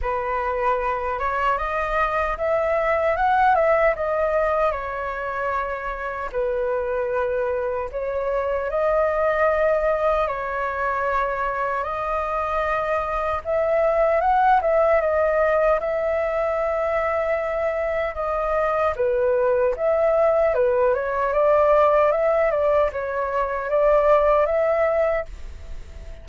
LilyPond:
\new Staff \with { instrumentName = "flute" } { \time 4/4 \tempo 4 = 76 b'4. cis''8 dis''4 e''4 | fis''8 e''8 dis''4 cis''2 | b'2 cis''4 dis''4~ | dis''4 cis''2 dis''4~ |
dis''4 e''4 fis''8 e''8 dis''4 | e''2. dis''4 | b'4 e''4 b'8 cis''8 d''4 | e''8 d''8 cis''4 d''4 e''4 | }